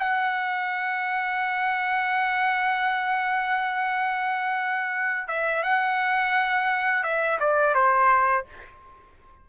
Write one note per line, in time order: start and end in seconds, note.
0.00 5.28 F#5
5.28 5.63 E5
5.63 7.04 F#5
7.04 7.39 E5
7.40 7.75 D5
7.75 8.46 C5